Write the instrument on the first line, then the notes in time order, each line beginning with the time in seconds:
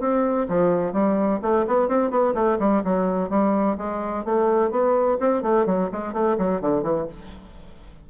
bassoon
0.00 C4
0.48 F3
0.93 G3
1.42 A3
1.67 B3
1.88 C4
2.10 B3
2.34 A3
2.59 G3
2.84 F#3
3.30 G3
3.77 G#3
4.25 A3
4.71 B3
5.20 C4
5.42 A3
5.66 F#3
5.92 G#3
6.13 A3
6.38 F#3
6.61 D3
6.83 E3